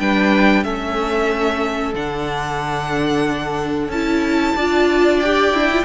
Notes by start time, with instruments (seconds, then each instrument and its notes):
0.00 cello G3, viola D4, violin B4 G5
0.64 cello A3, viola C#4, violin A4 E5
1.95 cello D3, viola D4, violin F#5
3.89 cello C#4, viola E4, violin A5
4.56 cello D4, viola F4, violin D5
5.20 viola G4, violin G5
5.52 viola D4, cello E4
5.73 viola F4